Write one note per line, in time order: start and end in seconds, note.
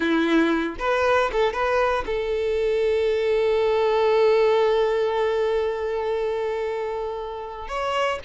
0.00 0.76 E4
0.79 1.30 B4
1.32 1.53 A4
1.53 2.04 B4
2.06 7.67 A4
7.67 8.19 C#5